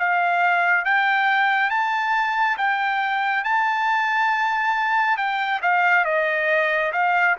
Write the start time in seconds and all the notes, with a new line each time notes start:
0.00 F5
0.85 G5
1.71 A5
2.58 G5
3.45 A5
5.17 G5
5.63 F5
6.06 D#5
6.93 F5